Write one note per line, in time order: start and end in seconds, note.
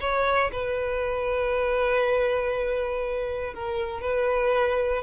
0.00 0.50 C#5
0.52 3.53 B4
3.53 4.01 A#4
4.01 5.02 B4